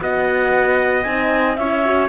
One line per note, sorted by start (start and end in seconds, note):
0.00 1.06 B3
0.00 1.04 F#4
0.00 1.59 D#5
0.00 1.03 F#5
1.03 1.58 C4
1.03 1.58 D#4
1.03 1.56 G#5
1.56 2.09 C#4
1.56 1.85 E4
1.56 2.09 C#5
1.56 2.08 E5
1.85 2.09 F#4